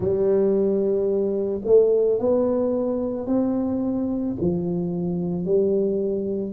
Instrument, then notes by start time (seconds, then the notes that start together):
tuba
0.00 G3
1.65 A3
2.19 B3
3.26 C4
4.40 F3
5.45 G3